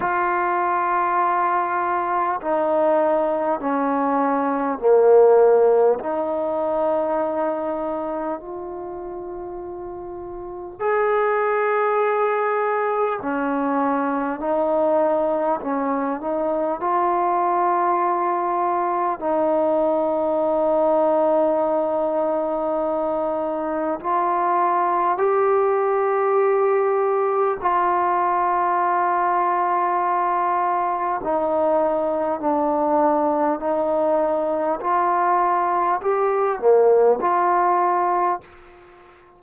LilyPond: \new Staff \with { instrumentName = "trombone" } { \time 4/4 \tempo 4 = 50 f'2 dis'4 cis'4 | ais4 dis'2 f'4~ | f'4 gis'2 cis'4 | dis'4 cis'8 dis'8 f'2 |
dis'1 | f'4 g'2 f'4~ | f'2 dis'4 d'4 | dis'4 f'4 g'8 ais8 f'4 | }